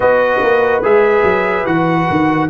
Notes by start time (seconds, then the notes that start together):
0.00 B3 F#4 B4 D#5
0.41 A#3
0.82 G#3 G#4 E5
1.23 F#3
1.65 E3 F#4 F#5
2.10 D#3